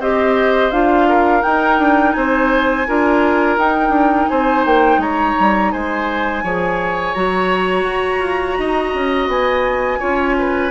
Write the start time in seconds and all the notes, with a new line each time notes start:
0.00 C4 G4 C5 D#5
0.71 D4 F4 F5
1.09 A#4
1.42 D#4 G5
1.79 D4
2.13 C4 C5 G#5
2.87 D4 F4 A#4
3.58 D#4 G5
3.90 D4
4.28 C4 C5 G#5
4.65 A#3 G5
4.98 G#3 C#5 A#5
5.40 G3
5.72 G#3 C5 G#5
6.43 F3 G#4 C#5
7.14 F#3 F#4 A#5
7.84 F#4
8.19 F4
8.59 D#4 D#5
8.94 C#4
9.28 B3 G#5
9.99 C#4 F4 C#5
10.39 B4